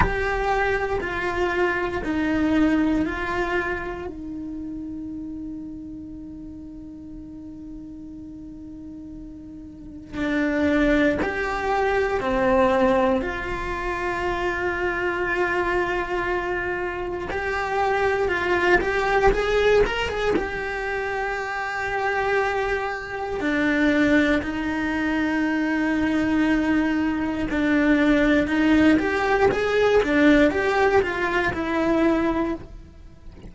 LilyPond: \new Staff \with { instrumentName = "cello" } { \time 4/4 \tempo 4 = 59 g'4 f'4 dis'4 f'4 | dis'1~ | dis'2 d'4 g'4 | c'4 f'2.~ |
f'4 g'4 f'8 g'8 gis'8 ais'16 gis'16 | g'2. d'4 | dis'2. d'4 | dis'8 g'8 gis'8 d'8 g'8 f'8 e'4 | }